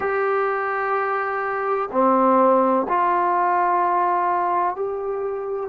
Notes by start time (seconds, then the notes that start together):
0.00 G4
1.91 C4
2.88 F4
4.75 G4